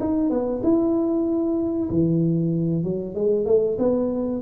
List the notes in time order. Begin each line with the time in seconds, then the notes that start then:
0.00 D#4
0.30 B3
0.63 E4
1.90 E3
2.84 F#3
3.15 G#3
3.46 A3
3.79 B3